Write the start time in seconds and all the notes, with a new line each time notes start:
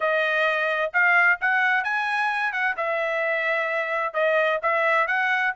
0.00 D#5
0.93 F5
1.40 F#5
1.83 G#5
2.52 F#5
2.76 E5
4.13 D#5
4.62 E5
5.07 F#5